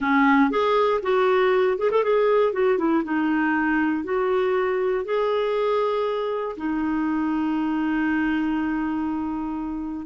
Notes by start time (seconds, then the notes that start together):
0.00 C#4
0.50 G#4
1.02 F#4
1.77 G#4
1.90 A4
2.03 G#4
2.52 F#4
2.78 E4
3.04 D#4
4.03 F#4
5.04 G#4
6.56 D#4